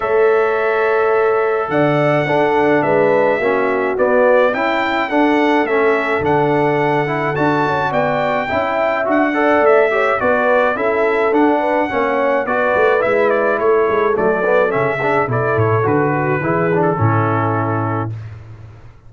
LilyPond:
<<
  \new Staff \with { instrumentName = "trumpet" } { \time 4/4 \tempo 4 = 106 e''2. fis''4~ | fis''4 e''2 d''4 | g''4 fis''4 e''4 fis''4~ | fis''4 a''4 g''2 |
fis''4 e''4 d''4 e''4 | fis''2 d''4 e''8 d''8 | cis''4 d''4 e''4 d''8 cis''8 | b'4.~ b'16 a'2~ a'16 | }
  \new Staff \with { instrumentName = "horn" } { \time 4/4 cis''2. d''4 | a'4 b'4 fis'2 | e'4 a'2.~ | a'2 d''4 e''4~ |
e''8 d''4 cis''8 b'4 a'4~ | a'8 b'8 cis''4 b'2 | a'2~ a'8 gis'8 a'4~ | a'8 fis'8 gis'4 e'2 | }
  \new Staff \with { instrumentName = "trombone" } { \time 4/4 a'1 | d'2 cis'4 b4 | e'4 d'4 cis'4 d'4~ | d'8 e'8 fis'2 e'4 |
fis'8 a'4 g'8 fis'4 e'4 | d'4 cis'4 fis'4 e'4~ | e'4 a8 b8 cis'8 d'8 e'4 | fis'4 e'8 d'8 cis'2 | }
  \new Staff \with { instrumentName = "tuba" } { \time 4/4 a2. d4 | d'4 gis4 ais4 b4 | cis'4 d'4 a4 d4~ | d4 d'8 cis'8 b4 cis'4 |
d'4 a4 b4 cis'4 | d'4 ais4 b8 a8 gis4 | a8 gis8 fis4 cis4 b,8 a,8 | d4 e4 a,2 | }
>>